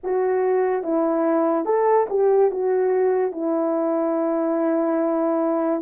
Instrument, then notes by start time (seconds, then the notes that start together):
horn
0.03 F#4
0.83 E4
1.65 A4
2.09 G4
2.51 F#4
3.31 E4